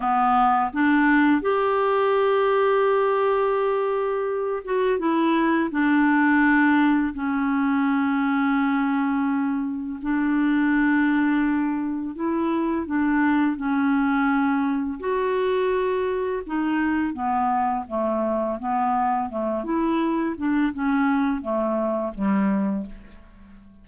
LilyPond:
\new Staff \with { instrumentName = "clarinet" } { \time 4/4 \tempo 4 = 84 b4 d'4 g'2~ | g'2~ g'8 fis'8 e'4 | d'2 cis'2~ | cis'2 d'2~ |
d'4 e'4 d'4 cis'4~ | cis'4 fis'2 dis'4 | b4 a4 b4 a8 e'8~ | e'8 d'8 cis'4 a4 g4 | }